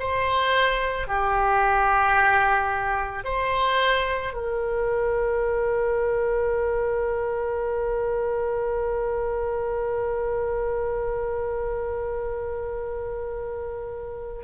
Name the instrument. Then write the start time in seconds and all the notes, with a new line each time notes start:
oboe
0.00 C5
1.08 G4
3.25 C5
4.34 A#4